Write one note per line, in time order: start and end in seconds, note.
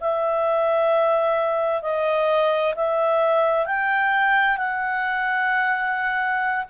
0.00 1.82 E5
1.82 2.74 D#5
2.75 3.66 E5
3.66 4.57 G5
4.57 6.65 F#5